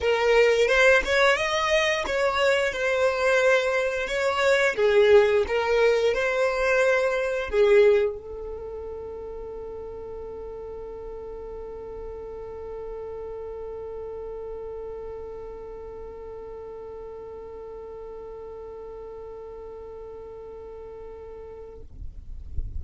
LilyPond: \new Staff \with { instrumentName = "violin" } { \time 4/4 \tempo 4 = 88 ais'4 c''8 cis''8 dis''4 cis''4 | c''2 cis''4 gis'4 | ais'4 c''2 gis'4 | a'1~ |
a'1~ | a'1~ | a'1~ | a'1 | }